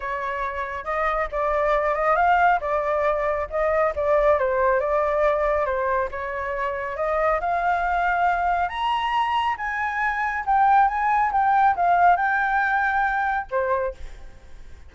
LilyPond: \new Staff \with { instrumentName = "flute" } { \time 4/4 \tempo 4 = 138 cis''2 dis''4 d''4~ | d''8 dis''8 f''4 d''2 | dis''4 d''4 c''4 d''4~ | d''4 c''4 cis''2 |
dis''4 f''2. | ais''2 gis''2 | g''4 gis''4 g''4 f''4 | g''2. c''4 | }